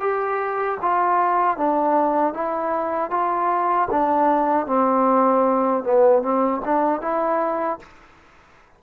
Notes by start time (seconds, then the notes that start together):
0.00 G4
0.82 F4
1.57 D4
2.33 E4
3.11 F4
3.91 D4
4.66 C4
5.84 B3
6.22 C4
6.65 D4
7.01 E4